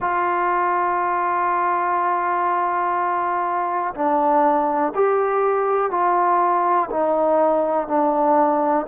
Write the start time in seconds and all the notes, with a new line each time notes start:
0.00 F4
3.94 D4
4.94 G4
5.90 F4
6.90 D#4
7.87 D4